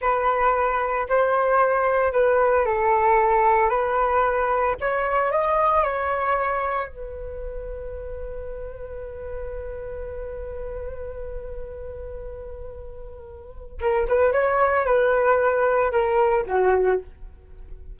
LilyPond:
\new Staff \with { instrumentName = "flute" } { \time 4/4 \tempo 4 = 113 b'2 c''2 | b'4 a'2 b'4~ | b'4 cis''4 dis''4 cis''4~ | cis''4 b'2.~ |
b'1~ | b'1~ | b'2 ais'8 b'8 cis''4 | b'2 ais'4 fis'4 | }